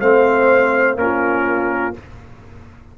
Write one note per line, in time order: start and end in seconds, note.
0.00 0.96 A3
0.00 0.97 C4
0.00 0.97 C5
0.00 0.97 F5
0.96 1.93 A#3
0.96 1.94 C#4
0.96 1.98 F4
0.96 1.95 A#4